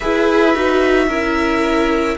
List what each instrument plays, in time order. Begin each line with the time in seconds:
0.00 cello E4, viola G#4, violin B4 E5
0.54 cello D#4, viola F#4
1.07 cello C#4, viola E4, violin A#4